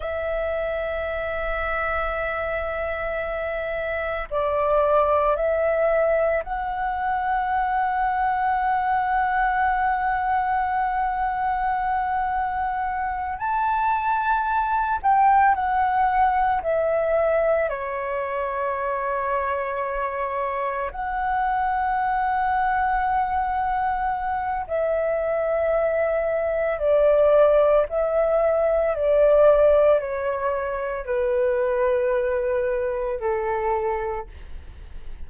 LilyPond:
\new Staff \with { instrumentName = "flute" } { \time 4/4 \tempo 4 = 56 e''1 | d''4 e''4 fis''2~ | fis''1~ | fis''8 a''4. g''8 fis''4 e''8~ |
e''8 cis''2. fis''8~ | fis''2. e''4~ | e''4 d''4 e''4 d''4 | cis''4 b'2 a'4 | }